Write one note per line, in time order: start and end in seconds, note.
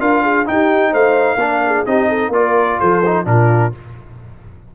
0.00 0.47 D4
0.00 0.46 F4
0.00 0.23 A#4
0.00 0.47 F5
0.23 0.47 G#4
0.46 1.39 D#4
0.46 0.94 D#4
0.46 0.94 G5
0.52 0.92 G4
0.92 1.36 A3
0.92 1.39 C5
0.92 1.86 F5
1.36 1.82 A#3
1.36 1.86 D4
1.36 1.64 A#4
1.66 1.89 G#4
1.86 2.29 C4
1.86 2.33 D#4
1.86 2.09 G4
1.86 2.33 D#5
2.09 2.33 A4
2.29 2.76 A#3
2.29 3.03 F4
2.29 2.80 D5
2.37 2.80 A#4
2.80 3.26 F3
2.80 3.26 A4
2.80 3.27 C5
3.06 3.26 D#4
3.26 3.73 A#2
3.26 3.72 D4
3.26 3.76 F4
3.26 3.74 A#4